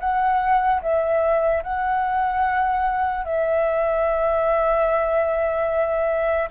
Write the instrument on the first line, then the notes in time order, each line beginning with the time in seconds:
flute
0.00 F#5
0.82 E5
1.63 F#5
3.25 E5